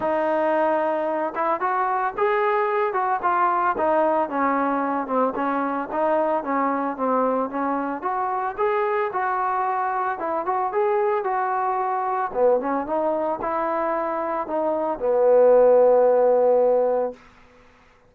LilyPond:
\new Staff \with { instrumentName = "trombone" } { \time 4/4 \tempo 4 = 112 dis'2~ dis'8 e'8 fis'4 | gis'4. fis'8 f'4 dis'4 | cis'4. c'8 cis'4 dis'4 | cis'4 c'4 cis'4 fis'4 |
gis'4 fis'2 e'8 fis'8 | gis'4 fis'2 b8 cis'8 | dis'4 e'2 dis'4 | b1 | }